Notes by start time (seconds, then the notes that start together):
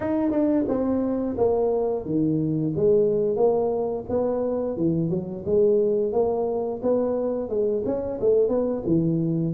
0.00 D#4
0.30 D4
0.68 C4
1.37 A#3
2.05 D#3
2.76 G#3
3.36 A#3
4.09 B3
4.77 E3
5.09 F#3
5.45 G#3
6.12 A#3
6.82 B3
7.49 G#3
7.85 C#4
8.20 A3
8.48 B3
8.86 E3